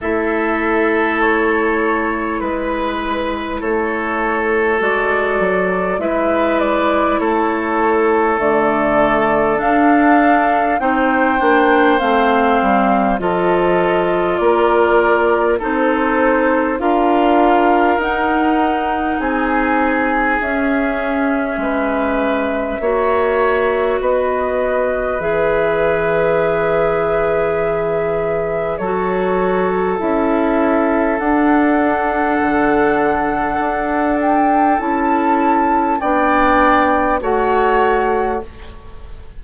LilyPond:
<<
  \new Staff \with { instrumentName = "flute" } { \time 4/4 \tempo 4 = 50 e''4 cis''4 b'4 cis''4 | d''4 e''8 d''8 cis''4 d''4 | f''4 g''4 f''4 dis''4 | d''4 c''4 f''4 fis''4 |
gis''4 e''2. | dis''4 e''2. | cis''4 e''4 fis''2~ | fis''8 g''8 a''4 g''4 fis''4 | }
  \new Staff \with { instrumentName = "oboe" } { \time 4/4 a'2 b'4 a'4~ | a'4 b'4 a'2~ | a'4 c''2 a'4 | ais'4 a'4 ais'2 |
gis'2 b'4 cis''4 | b'1 | a'1~ | a'2 d''4 cis''4 | }
  \new Staff \with { instrumentName = "clarinet" } { \time 4/4 e'1 | fis'4 e'2 a4 | d'4 dis'8 d'8 c'4 f'4~ | f'4 dis'4 f'4 dis'4~ |
dis'4 cis'2 fis'4~ | fis'4 gis'2. | fis'4 e'4 d'2~ | d'4 e'4 d'4 fis'4 | }
  \new Staff \with { instrumentName = "bassoon" } { \time 4/4 a2 gis4 a4 | gis8 fis8 gis4 a4 d4 | d'4 c'8 ais8 a8 g8 f4 | ais4 c'4 d'4 dis'4 |
c'4 cis'4 gis4 ais4 | b4 e2. | fis4 cis'4 d'4 d4 | d'4 cis'4 b4 a4 | }
>>